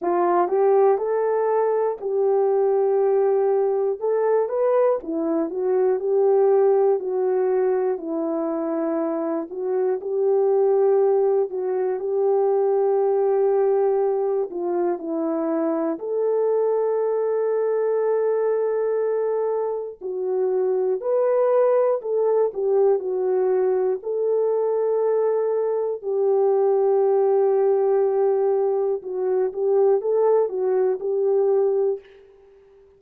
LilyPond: \new Staff \with { instrumentName = "horn" } { \time 4/4 \tempo 4 = 60 f'8 g'8 a'4 g'2 | a'8 b'8 e'8 fis'8 g'4 fis'4 | e'4. fis'8 g'4. fis'8 | g'2~ g'8 f'8 e'4 |
a'1 | fis'4 b'4 a'8 g'8 fis'4 | a'2 g'2~ | g'4 fis'8 g'8 a'8 fis'8 g'4 | }